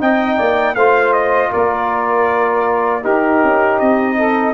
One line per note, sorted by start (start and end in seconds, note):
0.00 0.39 C4
0.00 0.76 D#4
0.00 0.36 D#5
0.00 0.75 G5
0.36 0.75 A#3
0.36 0.74 D5
0.75 1.51 A3
0.75 3.03 F4
0.75 1.50 C5
0.75 1.13 F5
1.13 1.51 D#5
1.50 3.05 A#3
1.50 3.01 A#4
1.50 3.05 D5
3.01 4.55 D#4
3.01 3.43 D#4
3.01 4.15 G4
3.01 3.80 A#4
3.44 3.81 C#4
3.80 4.55 C4
3.80 4.55 D#5
4.17 4.55 A4